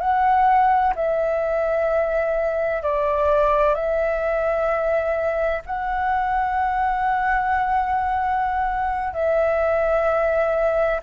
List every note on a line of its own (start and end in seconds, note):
0.00 0.94 F#5
0.95 2.83 E5
2.83 3.75 D5
3.75 5.62 E5
5.66 9.13 F#5
9.13 11.01 E5